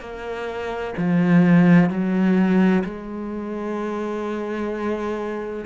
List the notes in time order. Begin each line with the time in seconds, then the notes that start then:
0.00 A#3
0.97 F3
1.90 F#3
2.84 G#3